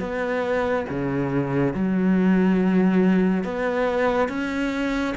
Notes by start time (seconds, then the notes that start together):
0.00 B3
0.89 C#3
1.74 F#3
3.44 B3
4.29 C#4